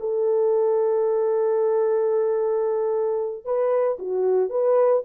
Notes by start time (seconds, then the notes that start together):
0.00 A4
3.45 B4
3.99 F#4
4.50 B4